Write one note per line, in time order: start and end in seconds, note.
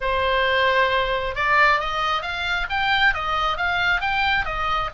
0.00 1.35 C5
1.35 1.80 D5
1.80 2.22 D#5
2.22 2.66 F5
2.69 3.14 G5
3.14 3.57 D#5
3.57 4.00 F5
4.00 4.45 G5
4.45 4.89 D#5